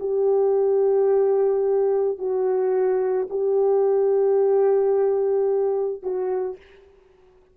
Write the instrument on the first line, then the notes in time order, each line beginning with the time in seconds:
horn
0.00 G4
2.19 F#4
3.30 G4
6.03 F#4